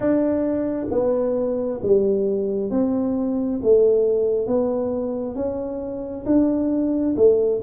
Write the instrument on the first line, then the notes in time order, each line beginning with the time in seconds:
tuba
0.00 D4
0.90 B3
1.82 G3
2.70 C4
3.62 A3
4.47 B3
5.35 C#4
6.25 D4
7.16 A3